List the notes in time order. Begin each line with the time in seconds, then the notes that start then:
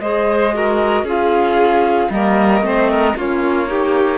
0.00 G#3 G#4 C5 D#5
0.54 F#4 A#4
1.04 C#4 F4 G#4 F5
2.11 G3 A#3 A#4 D#5
2.62 A3 C4 C5
2.91 A#4
3.17 A#3 C#4 F4 C#5
3.67 D#4 G4